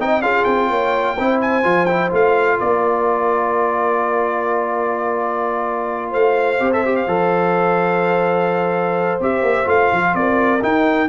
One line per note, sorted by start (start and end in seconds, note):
0.00 0.21 C4
0.00 0.23 D#4
0.00 0.23 D#5
0.00 0.22 G5
0.21 0.45 C#4
0.21 1.17 F4
0.21 0.70 G#4
0.21 0.44 F5
0.44 0.70 C4
0.44 1.39 G5
0.70 1.17 A#3
0.70 1.17 C#5
1.18 1.65 C4
1.18 1.63 E4
1.18 2.59 C5
1.41 1.86 G#5
1.63 2.12 F3
1.63 1.87 F4
1.86 2.09 E4
1.86 2.09 G5
2.09 2.60 A3
2.09 6.58 F4
2.09 2.60 F5
2.59 6.14 A#3
2.59 6.10 A#4
2.59 6.13 D5
6.10 6.60 A3
6.10 10.11 C5
6.10 6.72 F5
6.60 7.07 C4
6.60 6.72 G4
6.72 6.84 A4
6.72 6.96 E5
6.85 7.08 G4
6.96 9.21 F5
7.07 9.19 F3
7.07 9.21 A4
9.20 9.42 C4
9.20 9.65 G4
9.20 9.69 E5
9.42 9.66 A#3
9.65 9.90 A3
9.65 10.59 F4
9.65 10.15 F5
9.92 10.15 F3
10.15 10.62 C4
10.15 11.09 A#4
10.15 10.62 D5
10.62 11.09 D#4
10.62 11.09 G5